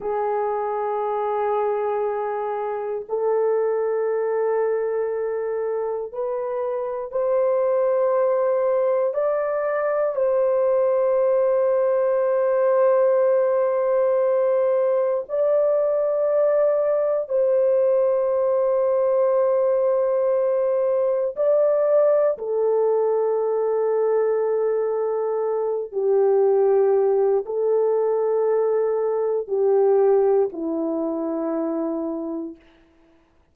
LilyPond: \new Staff \with { instrumentName = "horn" } { \time 4/4 \tempo 4 = 59 gis'2. a'4~ | a'2 b'4 c''4~ | c''4 d''4 c''2~ | c''2. d''4~ |
d''4 c''2.~ | c''4 d''4 a'2~ | a'4. g'4. a'4~ | a'4 g'4 e'2 | }